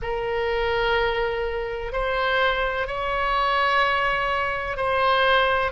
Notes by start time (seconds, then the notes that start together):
0.02 A#4
1.92 C5
2.87 C#5
4.76 C5